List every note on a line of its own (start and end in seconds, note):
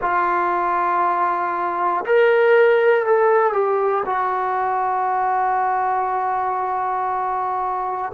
0.01 2.04 F4
2.05 3.06 A#4
3.06 3.53 A4
3.53 4.04 G4
4.05 8.12 F#4